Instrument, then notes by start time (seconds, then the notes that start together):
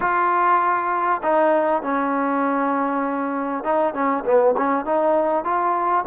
trombone
0.00 F4
1.22 D#4
1.82 C#4
3.64 D#4
3.93 C#4
4.24 B3
4.57 C#4
4.85 D#4
5.44 F4